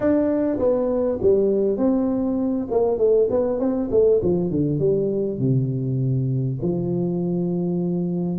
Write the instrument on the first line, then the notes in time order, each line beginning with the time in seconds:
tuba
0.00 D4
0.58 B3
1.21 G3
1.77 C4
2.70 A#3
2.98 A3
3.30 B3
3.59 C4
3.90 A3
4.22 F3
4.50 D3
4.79 G3
5.38 C3
6.62 F3